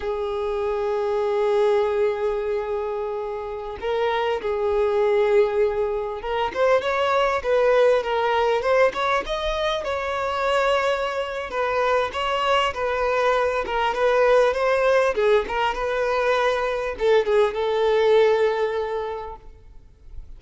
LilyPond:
\new Staff \with { instrumentName = "violin" } { \time 4/4 \tempo 4 = 99 gis'1~ | gis'2~ gis'16 ais'4 gis'8.~ | gis'2~ gis'16 ais'8 c''8 cis''8.~ | cis''16 b'4 ais'4 c''8 cis''8 dis''8.~ |
dis''16 cis''2~ cis''8. b'4 | cis''4 b'4. ais'8 b'4 | c''4 gis'8 ais'8 b'2 | a'8 gis'8 a'2. | }